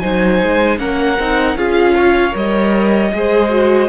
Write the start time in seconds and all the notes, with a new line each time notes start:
0.00 F#3 D#4 C5 G#5
0.43 G#3
0.79 A#3 C#4 A#4 F#5
1.19 C4 D#4
1.55 C#4 F4 G#4 F5
1.96 C#5
2.32 G3 A#4 D#5
3.12 G#3 G#4 C5
3.50 F#4